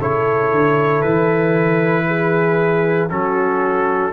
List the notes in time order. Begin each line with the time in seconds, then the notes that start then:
0.00 C#3 E4 A4 C#5
0.52 D3
1.02 E3 B4
2.07 G#4
3.10 F#3 C#4 F#4 A4